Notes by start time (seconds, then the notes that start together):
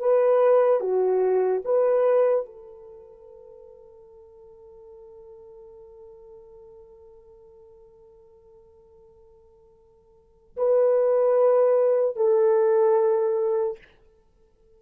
0.00 B4
0.81 F#4
1.65 B4
2.46 A4
10.57 B4
12.16 A4